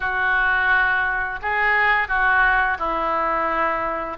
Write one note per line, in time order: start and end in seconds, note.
0.00 1.39 F#4
1.41 2.07 G#4
2.07 2.77 F#4
2.78 4.17 E4